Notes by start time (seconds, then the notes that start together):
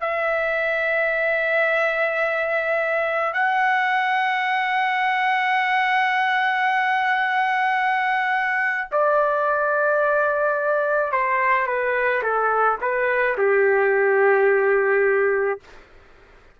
0.00 E5
3.33 F#5
8.91 D5
11.12 C5
11.66 B4
12.22 A4
12.81 B4
13.37 G4